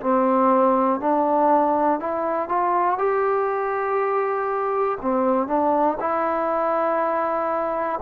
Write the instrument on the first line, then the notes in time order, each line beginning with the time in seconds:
trombone
0.00 C4
1.00 D4
2.00 E4
2.49 F4
2.99 G4
5.01 C4
5.47 D4
6.00 E4